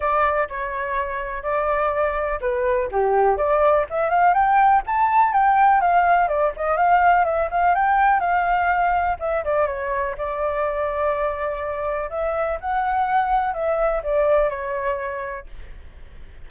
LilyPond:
\new Staff \with { instrumentName = "flute" } { \time 4/4 \tempo 4 = 124 d''4 cis''2 d''4~ | d''4 b'4 g'4 d''4 | e''8 f''8 g''4 a''4 g''4 | f''4 d''8 dis''8 f''4 e''8 f''8 |
g''4 f''2 e''8 d''8 | cis''4 d''2.~ | d''4 e''4 fis''2 | e''4 d''4 cis''2 | }